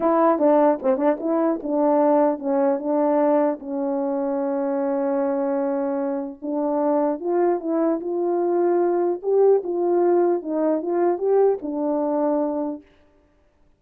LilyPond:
\new Staff \with { instrumentName = "horn" } { \time 4/4 \tempo 4 = 150 e'4 d'4 c'8 d'8 e'4 | d'2 cis'4 d'4~ | d'4 cis'2.~ | cis'1 |
d'2 f'4 e'4 | f'2. g'4 | f'2 dis'4 f'4 | g'4 d'2. | }